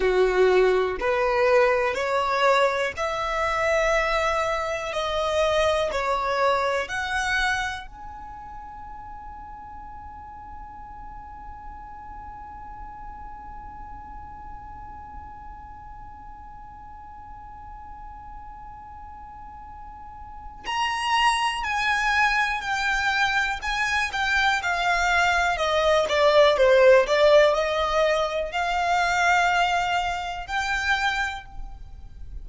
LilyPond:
\new Staff \with { instrumentName = "violin" } { \time 4/4 \tempo 4 = 61 fis'4 b'4 cis''4 e''4~ | e''4 dis''4 cis''4 fis''4 | gis''1~ | gis''1~ |
gis''1~ | gis''4 ais''4 gis''4 g''4 | gis''8 g''8 f''4 dis''8 d''8 c''8 d''8 | dis''4 f''2 g''4 | }